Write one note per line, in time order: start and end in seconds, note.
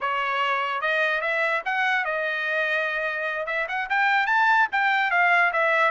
0.00 0.81 C#5
0.81 1.21 D#5
1.21 1.62 E5
1.65 2.04 F#5
2.04 3.46 D#5
3.46 3.66 E5
3.68 3.88 F#5
3.89 4.26 G5
4.26 4.67 A5
4.71 5.10 G5
5.10 5.51 F5
5.53 5.91 E5